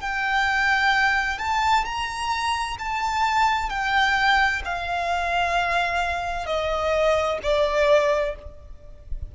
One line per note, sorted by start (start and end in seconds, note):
0.00 1.38 G5
1.38 1.85 A5
1.85 2.77 A#5
2.79 3.69 A5
3.69 4.62 G5
4.64 6.46 F5
6.46 7.38 D#5
7.43 8.35 D5